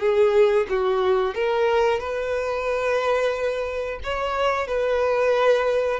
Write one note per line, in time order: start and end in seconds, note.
0.00 0.67 G#4
0.69 1.35 F#4
1.35 2.00 A#4
2.00 4.00 B4
4.03 4.68 C#5
4.68 6.00 B4